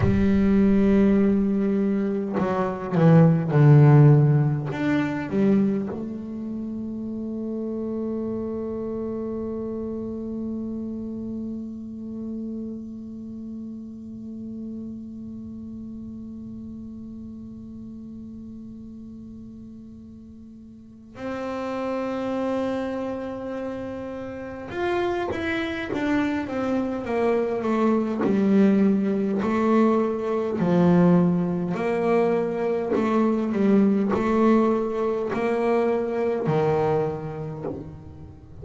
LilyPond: \new Staff \with { instrumentName = "double bass" } { \time 4/4 \tempo 4 = 51 g2 fis8 e8 d4 | d'8 g8 a2.~ | a1~ | a1~ |
a2 c'2~ | c'4 f'8 e'8 d'8 c'8 ais8 a8 | g4 a4 f4 ais4 | a8 g8 a4 ais4 dis4 | }